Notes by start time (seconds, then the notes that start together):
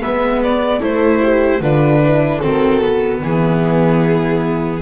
0.00 G#3 B3 B4 E5
0.43 D5
0.79 A3 E4 A4 C5
1.22 G4
1.60 D3 D4 F4 B4
2.03 E4
2.39 D#3 C4 F#4 A4
2.81 B3
3.21 E3 E4 G#4